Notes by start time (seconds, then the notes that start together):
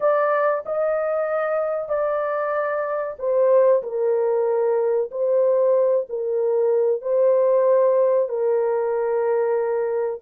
0.00 D5
0.65 D#5
1.88 D5
3.18 C5
3.82 A#4
5.11 C5
6.09 A#4
7.01 C5
8.29 A#4